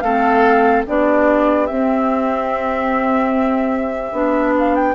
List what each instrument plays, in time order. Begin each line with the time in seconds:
0.00 bassoon A3, clarinet C4, oboe A4, flute F5
0.86 bassoon B3, clarinet D4, oboe G4, flute D5
1.66 clarinet C4, bassoon C4, flute E5
4.12 bassoon B3, clarinet D4
4.58 flute F5
4.75 flute G5